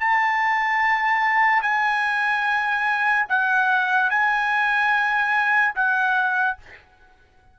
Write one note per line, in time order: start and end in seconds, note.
0.00 1.62 A5
1.62 3.27 G#5
3.28 4.10 F#5
4.10 5.74 G#5
5.75 6.57 F#5